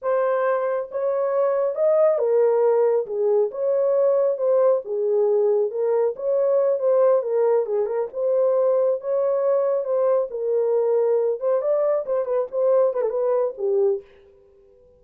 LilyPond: \new Staff \with { instrumentName = "horn" } { \time 4/4 \tempo 4 = 137 c''2 cis''2 | dis''4 ais'2 gis'4 | cis''2 c''4 gis'4~ | gis'4 ais'4 cis''4. c''8~ |
c''8 ais'4 gis'8 ais'8 c''4.~ | c''8 cis''2 c''4 ais'8~ | ais'2 c''8 d''4 c''8 | b'8 c''4 b'16 a'16 b'4 g'4 | }